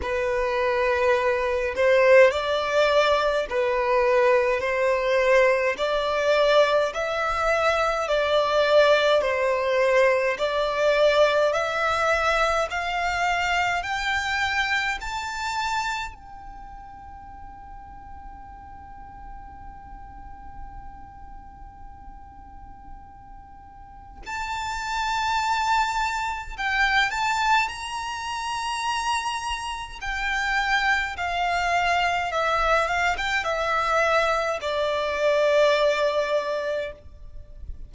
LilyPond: \new Staff \with { instrumentName = "violin" } { \time 4/4 \tempo 4 = 52 b'4. c''8 d''4 b'4 | c''4 d''4 e''4 d''4 | c''4 d''4 e''4 f''4 | g''4 a''4 g''2~ |
g''1~ | g''4 a''2 g''8 a''8 | ais''2 g''4 f''4 | e''8 f''16 g''16 e''4 d''2 | }